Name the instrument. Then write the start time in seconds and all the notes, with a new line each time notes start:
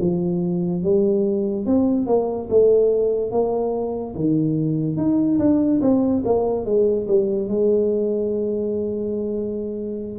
tuba
0.00 F3
0.83 G3
1.66 C4
2.06 A#3
2.49 A3
3.31 A#3
4.15 D#3
4.97 D#4
5.39 D4
5.81 C4
6.25 A#3
6.65 G#3
7.07 G3
7.48 G#3